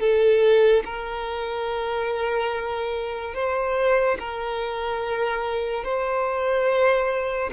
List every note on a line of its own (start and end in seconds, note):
0.00 0.83 A4
0.85 3.35 A#4
3.35 4.18 C5
4.20 5.84 A#4
5.84 7.51 C5